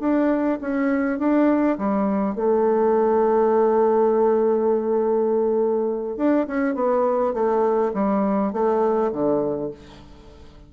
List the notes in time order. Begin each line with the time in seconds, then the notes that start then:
0.00 D4
0.61 C#4
1.19 D4
1.78 G3
2.36 A3
6.17 D4
6.47 C#4
6.75 B3
7.34 A3
7.94 G3
8.53 A3
9.12 D3